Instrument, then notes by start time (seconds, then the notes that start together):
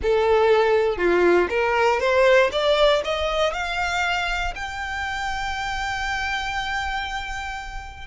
violin
0.02 A4
0.97 F4
1.49 A#4
2.00 C5
2.52 D5
3.04 D#5
3.53 F5
4.55 G5